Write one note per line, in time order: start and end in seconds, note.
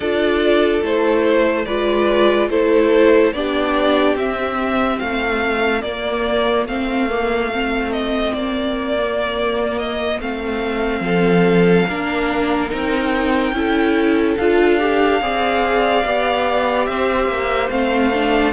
0.00 0.81 D4
0.00 0.82 F4
0.00 1.64 A4
0.00 0.83 D5
0.82 1.66 A3
0.82 1.66 E4
0.82 1.65 C5
1.65 2.49 G#3
1.65 2.50 F4
1.65 2.49 B4
1.65 2.48 D5
2.49 3.32 A3
2.49 3.34 E4
2.49 3.34 A4
2.49 3.33 C5
3.32 4.15 B3
3.32 4.17 D4
3.32 5.02 G4
3.32 4.16 D5
4.15 4.98 C4
4.15 5.83 C4
4.15 4.98 E5
4.98 5.82 A3
4.98 11.04 F4
4.98 5.81 F5
5.81 6.65 A#3
5.81 6.68 A#3
5.81 6.65 D5
6.65 8.32 A3
6.65 7.08 C4
6.65 7.92 F5
7.08 7.50 A#3
7.52 8.97 C4
7.92 8.33 D#5
8.33 10.20 A#3
8.33 9.78 D5
8.97 10.21 A#3
9.78 10.20 D#5
10.20 11.00 A3
10.20 11.87 C4
10.20 12.71 F5
11.00 11.84 F3
11.00 11.88 A4
11.88 12.71 A#3
11.88 12.69 D4
11.88 13.55 A#4
12.69 13.52 C4
12.69 13.53 D#4
12.69 14.37 G5
13.52 14.35 C#4
13.52 14.37 E4
13.52 15.22 A4
14.37 15.21 D4
14.37 14.79 F4
14.37 16.86 F5
14.79 15.20 G4
15.21 16.04 C4
15.21 16.05 G#4
15.21 16.88 D5
16.05 16.87 B3
16.05 17.69 G4
16.86 17.27 C4
16.86 18.53 C5
16.86 17.69 E5
17.27 17.69 A#3
17.69 18.53 A3
17.69 18.11 C4
17.69 18.53 F5
18.13 18.53 D4